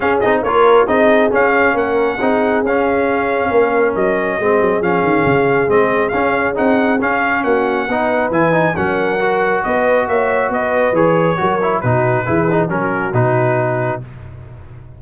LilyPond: <<
  \new Staff \with { instrumentName = "trumpet" } { \time 4/4 \tempo 4 = 137 f''8 dis''8 cis''4 dis''4 f''4 | fis''2 f''2~ | f''4 dis''2 f''4~ | f''4 dis''4 f''4 fis''4 |
f''4 fis''2 gis''4 | fis''2 dis''4 e''4 | dis''4 cis''2 b'4~ | b'4 ais'4 b'2 | }
  \new Staff \with { instrumentName = "horn" } { \time 4/4 gis'4 ais'4 gis'2 | ais'4 gis'2. | ais'2 gis'2~ | gis'1~ |
gis'4 fis'4 b'2 | ais'2 b'4 cis''4 | b'2 ais'4 fis'4 | gis'4 fis'2. | }
  \new Staff \with { instrumentName = "trombone" } { \time 4/4 cis'8 dis'8 f'4 dis'4 cis'4~ | cis'4 dis'4 cis'2~ | cis'2 c'4 cis'4~ | cis'4 c'4 cis'4 dis'4 |
cis'2 dis'4 e'8 dis'8 | cis'4 fis'2.~ | fis'4 gis'4 fis'8 e'8 dis'4 | e'8 dis'8 cis'4 dis'2 | }
  \new Staff \with { instrumentName = "tuba" } { \time 4/4 cis'8 c'8 ais4 c'4 cis'4 | ais4 c'4 cis'2 | ais4 fis4 gis8 fis8 f8 dis8 | cis4 gis4 cis'4 c'4 |
cis'4 ais4 b4 e4 | fis2 b4 ais4 | b4 e4 fis4 b,4 | e4 fis4 b,2 | }
>>